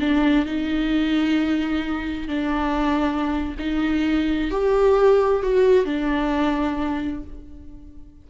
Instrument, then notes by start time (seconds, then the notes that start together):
viola
0.00 D4
0.46 D#4
2.28 D4
3.59 D#4
4.51 G4
5.43 F#4
5.85 D4